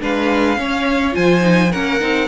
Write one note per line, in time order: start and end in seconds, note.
0.00 0.57 G#3
0.00 0.56 D4
0.00 0.58 B4
0.00 1.15 F5
0.56 1.12 C#4
0.56 1.14 C#4
0.56 1.15 C#5
1.12 1.73 F3
1.12 1.40 F4
1.12 1.71 C5
1.12 1.72 G#5
1.41 1.69 D#4
1.71 2.01 A#3
1.71 2.00 C#4
1.71 2.28 A#4
1.71 2.28 F#5
2.00 2.28 C4
2.00 2.28 D#4